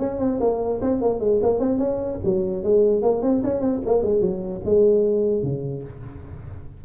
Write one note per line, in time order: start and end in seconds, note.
0.00 0.20 C#4
0.20 0.40 C4
0.41 0.81 A#3
0.82 1.02 C4
1.02 1.20 A#3
1.20 1.41 G#3
1.43 1.60 A#3
1.60 1.79 C4
1.79 2.19 C#4
2.25 2.64 F#3
2.64 3.03 G#3
3.03 3.23 A#3
3.23 3.43 C4
3.44 3.61 C#4
3.61 3.81 C4
3.86 4.03 A#3
4.03 4.21 G#3
4.21 4.62 F#3
4.65 5.43 G#3
5.43 5.84 C#3